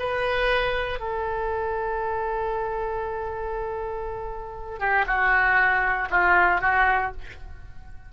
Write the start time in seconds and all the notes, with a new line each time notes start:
0.00 B4
1.00 A4
4.80 G4
5.07 F#4
6.11 F4
6.61 F#4